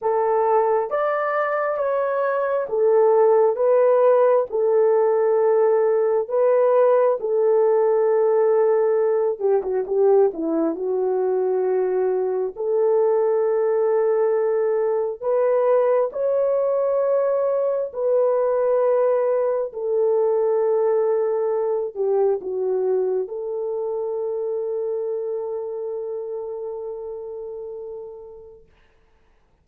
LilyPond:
\new Staff \with { instrumentName = "horn" } { \time 4/4 \tempo 4 = 67 a'4 d''4 cis''4 a'4 | b'4 a'2 b'4 | a'2~ a'8 g'16 fis'16 g'8 e'8 | fis'2 a'2~ |
a'4 b'4 cis''2 | b'2 a'2~ | a'8 g'8 fis'4 a'2~ | a'1 | }